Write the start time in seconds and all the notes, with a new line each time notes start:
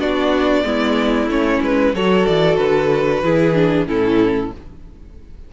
0.00 B3 D4 F#4 D5
0.64 G#3 B3 E4
1.27 A3 C#4 C#5
1.62 G#3 B4
1.94 F#3 F#4 A4 C#5
2.27 E3 D5
2.57 D3 B4
3.23 E3 E4 G#4
3.55 D4
3.87 A2 C#4 E4 A4